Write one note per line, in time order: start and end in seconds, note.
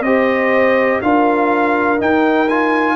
0.00 0.98 C4
0.00 1.02 G4
0.00 1.00 C5
0.00 1.00 D#5
1.01 2.00 D4
1.01 1.98 F4
1.01 2.96 A#4
1.01 1.99 F5
1.98 2.47 D#4
1.98 2.96 D#4
1.98 2.49 G5
2.49 2.96 F4
2.49 2.96 G#5